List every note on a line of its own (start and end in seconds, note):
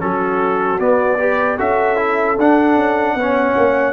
0.00 0.80 F#3
0.00 0.79 C#4
0.00 1.19 F#4
0.00 0.80 A4
0.79 1.19 B3
0.79 1.59 B3
0.79 1.59 D5
1.19 1.59 G4
1.19 1.57 B4
1.57 2.38 C#4
1.57 1.97 F#4
1.57 3.15 A4
1.57 2.39 E5
1.97 2.37 E4
2.38 2.76 D4
2.38 3.19 D4
2.38 3.94 F#5
2.76 3.15 C#4
3.15 3.55 B3
3.15 3.94 C#4
3.15 3.94 C#5
3.57 3.94 A#3